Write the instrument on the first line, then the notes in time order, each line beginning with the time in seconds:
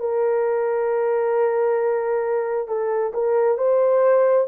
horn
0.00 A#4
2.68 A4
3.14 A#4
3.58 C5